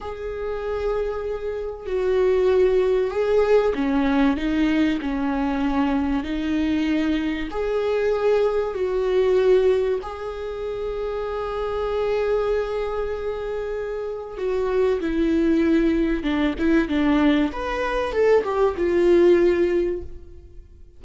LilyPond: \new Staff \with { instrumentName = "viola" } { \time 4/4 \tempo 4 = 96 gis'2. fis'4~ | fis'4 gis'4 cis'4 dis'4 | cis'2 dis'2 | gis'2 fis'2 |
gis'1~ | gis'2. fis'4 | e'2 d'8 e'8 d'4 | b'4 a'8 g'8 f'2 | }